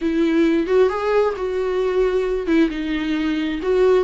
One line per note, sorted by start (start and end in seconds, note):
0.01 0.66 E4
0.66 0.89 F#4
0.89 1.34 G#4
1.36 2.46 F#4
2.46 2.69 E4
2.70 3.60 D#4
3.62 4.04 F#4